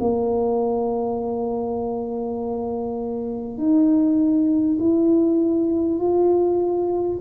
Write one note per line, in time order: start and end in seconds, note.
0.00 3.57 A#3
3.57 4.77 D#4
4.79 5.98 E4
5.98 7.18 F4